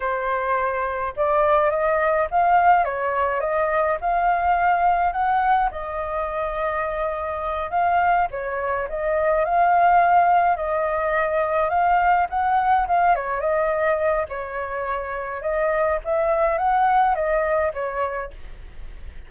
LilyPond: \new Staff \with { instrumentName = "flute" } { \time 4/4 \tempo 4 = 105 c''2 d''4 dis''4 | f''4 cis''4 dis''4 f''4~ | f''4 fis''4 dis''2~ | dis''4. f''4 cis''4 dis''8~ |
dis''8 f''2 dis''4.~ | dis''8 f''4 fis''4 f''8 cis''8 dis''8~ | dis''4 cis''2 dis''4 | e''4 fis''4 dis''4 cis''4 | }